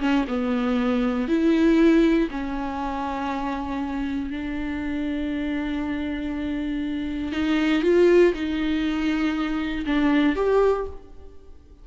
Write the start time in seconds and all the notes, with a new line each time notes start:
0.00 C#4
0.28 B3
1.28 E4
2.31 C#4
4.30 D4
7.32 D#4
7.83 F4
8.34 D#4
9.86 D4
10.36 G4